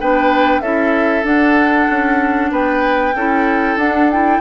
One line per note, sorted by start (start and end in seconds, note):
0.00 0.61 B3
0.00 0.63 D4
0.00 0.62 B4
0.00 0.61 G5
0.61 1.23 C#4
0.61 1.23 E4
0.61 2.51 A4
0.61 1.24 E5
1.23 3.12 D4
1.23 1.86 D4
1.23 2.52 F#5
1.90 2.51 C#4
2.51 3.14 B3
2.51 3.14 B4
2.51 3.78 G5
3.15 3.76 C#4
3.15 3.79 E4
3.15 4.40 A4
3.76 4.39 D4
3.76 4.11 D4
3.76 4.10 F#5
4.11 4.40 E4
4.11 4.40 G5